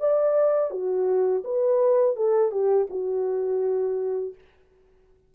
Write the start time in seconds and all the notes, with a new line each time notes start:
0.00 D5
0.71 F#4
1.45 B4
2.17 A4
2.52 G4
2.90 F#4